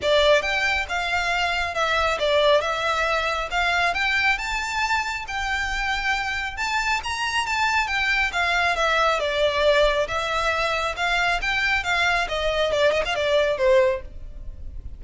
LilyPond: \new Staff \with { instrumentName = "violin" } { \time 4/4 \tempo 4 = 137 d''4 g''4 f''2 | e''4 d''4 e''2 | f''4 g''4 a''2 | g''2. a''4 |
ais''4 a''4 g''4 f''4 | e''4 d''2 e''4~ | e''4 f''4 g''4 f''4 | dis''4 d''8 dis''16 f''16 d''4 c''4 | }